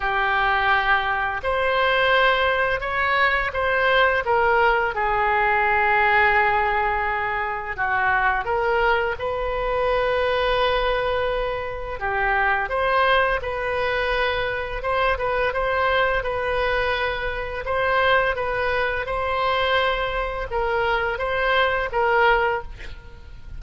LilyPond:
\new Staff \with { instrumentName = "oboe" } { \time 4/4 \tempo 4 = 85 g'2 c''2 | cis''4 c''4 ais'4 gis'4~ | gis'2. fis'4 | ais'4 b'2.~ |
b'4 g'4 c''4 b'4~ | b'4 c''8 b'8 c''4 b'4~ | b'4 c''4 b'4 c''4~ | c''4 ais'4 c''4 ais'4 | }